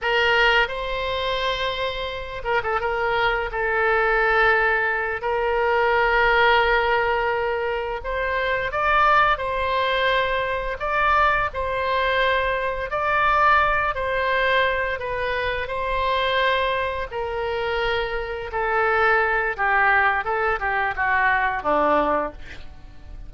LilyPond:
\new Staff \with { instrumentName = "oboe" } { \time 4/4 \tempo 4 = 86 ais'4 c''2~ c''8 ais'16 a'16 | ais'4 a'2~ a'8 ais'8~ | ais'2.~ ais'8 c''8~ | c''8 d''4 c''2 d''8~ |
d''8 c''2 d''4. | c''4. b'4 c''4.~ | c''8 ais'2 a'4. | g'4 a'8 g'8 fis'4 d'4 | }